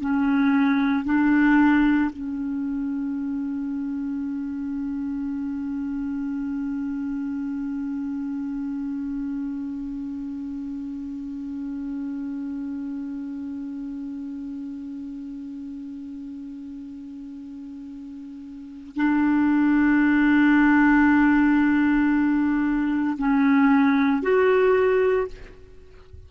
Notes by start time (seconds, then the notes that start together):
0.00 C#4
1.05 D4
2.12 C#4
18.96 D4
23.18 C#4
24.22 F#4